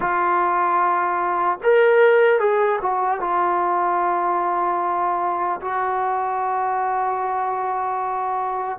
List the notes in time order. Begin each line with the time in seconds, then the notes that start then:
0.00 F4
1.63 A#4
2.39 G#4
2.81 F#4
3.20 F4
5.61 F#4